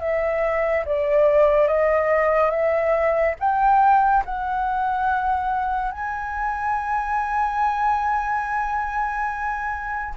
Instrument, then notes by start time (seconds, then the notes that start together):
flute
0.00 E5
0.85 D5
1.67 D#5
2.50 E5
3.40 G5
4.25 F#5
5.92 G#5